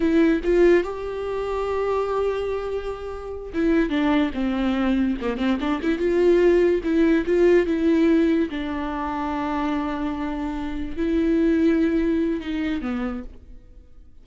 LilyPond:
\new Staff \with { instrumentName = "viola" } { \time 4/4 \tempo 4 = 145 e'4 f'4 g'2~ | g'1~ | g'8 e'4 d'4 c'4.~ | c'8 ais8 c'8 d'8 e'8 f'4.~ |
f'8 e'4 f'4 e'4.~ | e'8 d'2.~ d'8~ | d'2~ d'8 e'4.~ | e'2 dis'4 b4 | }